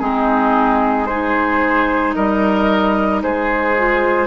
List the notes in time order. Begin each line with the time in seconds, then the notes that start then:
0.00 G#3 C4 D#4 G#4
1.06 D#4 G#4 C5
2.14 G3 A#4 D#5
3.23 G#3 G#4 C5
3.77 F4